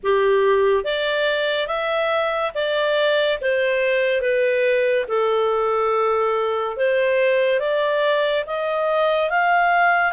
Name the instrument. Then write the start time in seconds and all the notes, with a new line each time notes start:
clarinet
0.03 G4
0.84 D5
1.67 E5
2.54 D5
3.41 C5
4.21 B4
5.07 A4
6.76 C5
7.59 D5
8.46 D#5
9.30 F5